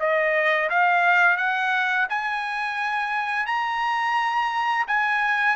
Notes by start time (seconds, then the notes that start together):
0.00 D#5
0.70 F5
1.37 F#5
2.10 G#5
3.46 A#5
4.87 G#5